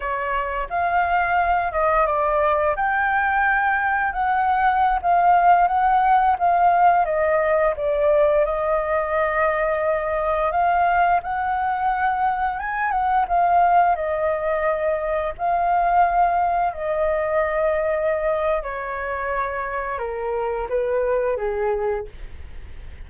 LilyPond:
\new Staff \with { instrumentName = "flute" } { \time 4/4 \tempo 4 = 87 cis''4 f''4. dis''8 d''4 | g''2 fis''4~ fis''16 f''8.~ | f''16 fis''4 f''4 dis''4 d''8.~ | d''16 dis''2. f''8.~ |
f''16 fis''2 gis''8 fis''8 f''8.~ | f''16 dis''2 f''4.~ f''16~ | f''16 dis''2~ dis''8. cis''4~ | cis''4 ais'4 b'4 gis'4 | }